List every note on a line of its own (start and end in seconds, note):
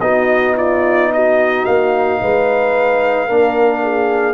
0.00 1.64 B3
0.00 3.29 D#4
0.00 0.56 F#4
0.00 0.55 D#5
0.56 1.10 F4
0.56 1.12 D5
1.13 2.21 F#4
1.13 1.65 D#5
1.65 2.21 A#3
1.65 4.34 F5
2.21 3.29 G#3
2.21 3.27 B4
3.27 4.34 A#3
3.27 4.34 D4
3.27 3.81 A#4
3.83 4.34 G#4